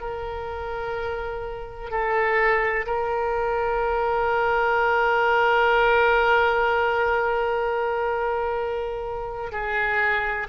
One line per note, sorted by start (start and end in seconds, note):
0.00 1.90 A#4
1.90 2.85 A4
2.86 9.52 A#4
9.52 10.47 G#4